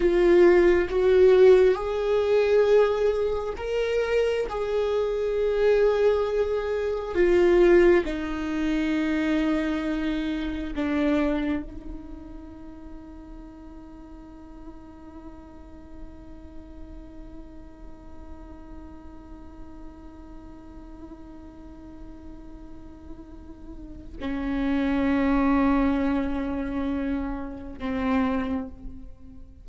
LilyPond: \new Staff \with { instrumentName = "viola" } { \time 4/4 \tempo 4 = 67 f'4 fis'4 gis'2 | ais'4 gis'2. | f'4 dis'2. | d'4 dis'2.~ |
dis'1~ | dis'1~ | dis'2. cis'4~ | cis'2. c'4 | }